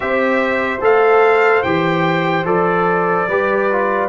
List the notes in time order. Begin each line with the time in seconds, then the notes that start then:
0.00 C4 G4 C5 E5
0.80 A3 A4 F5
1.62 E3 G4 G5
2.44 F3 A4 D5
3.28 G3 G4 B4
3.71 F4